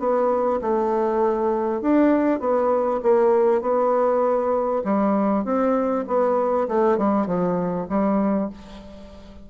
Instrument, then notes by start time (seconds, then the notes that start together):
bassoon
0.00 B3
0.62 A3
1.82 D4
2.40 B3
3.03 A#3
3.62 B3
4.85 G3
5.45 C4
6.08 B3
6.69 A3
6.98 G3
7.27 F3
7.90 G3